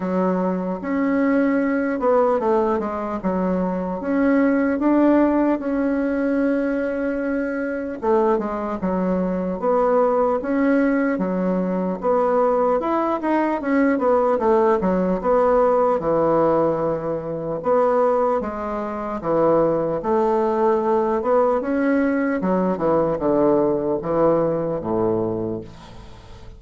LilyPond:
\new Staff \with { instrumentName = "bassoon" } { \time 4/4 \tempo 4 = 75 fis4 cis'4. b8 a8 gis8 | fis4 cis'4 d'4 cis'4~ | cis'2 a8 gis8 fis4 | b4 cis'4 fis4 b4 |
e'8 dis'8 cis'8 b8 a8 fis8 b4 | e2 b4 gis4 | e4 a4. b8 cis'4 | fis8 e8 d4 e4 a,4 | }